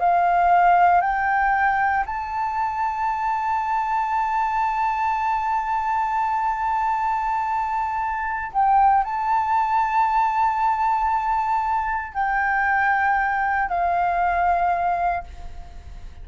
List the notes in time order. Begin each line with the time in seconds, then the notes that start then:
0.00 F5
1.01 G5
2.06 A5
8.53 G5
9.04 A5
12.14 G5
13.69 F5